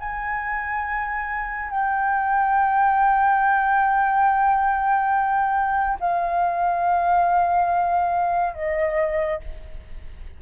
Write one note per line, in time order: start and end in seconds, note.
0.00 1.70 G#5
1.70 5.99 G5
6.00 8.54 F5
8.54 9.40 D#5